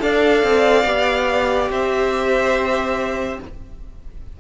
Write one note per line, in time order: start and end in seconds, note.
0.00 0.43 D4
0.00 0.85 A4
0.00 1.71 D5
0.00 1.71 F5
0.43 0.85 C4
0.85 1.69 B3
0.85 3.39 G4
1.70 3.39 C4
1.70 3.40 C5
1.70 3.40 E5